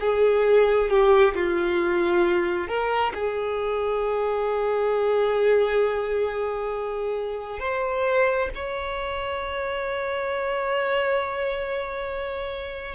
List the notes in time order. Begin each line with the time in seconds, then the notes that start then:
0.00 G#4
0.90 G4
1.35 F4
2.68 A#4
3.14 G#4
7.60 C5
8.55 C#5